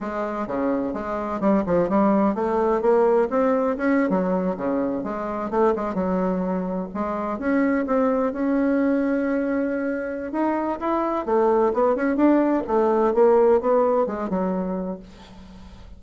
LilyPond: \new Staff \with { instrumentName = "bassoon" } { \time 4/4 \tempo 4 = 128 gis4 cis4 gis4 g8 f8 | g4 a4 ais4 c'4 | cis'8. fis4 cis4 gis4 a16~ | a16 gis8 fis2 gis4 cis'16~ |
cis'8. c'4 cis'2~ cis'16~ | cis'2 dis'4 e'4 | a4 b8 cis'8 d'4 a4 | ais4 b4 gis8 fis4. | }